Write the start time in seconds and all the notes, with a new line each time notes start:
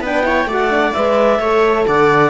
0.00 B3 D4 B4 G5
0.23 E4 C#5
0.45 A3 F#4 D5
0.52 F#5
0.70 D4
0.93 G#3 B4 E5
1.39 A3 A4 C#5
1.87 D3 D5 F#5